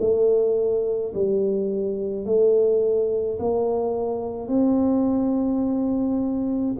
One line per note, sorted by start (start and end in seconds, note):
0.00 1.13 A3
1.14 2.25 G3
2.25 3.39 A3
3.39 4.48 A#3
4.48 6.75 C4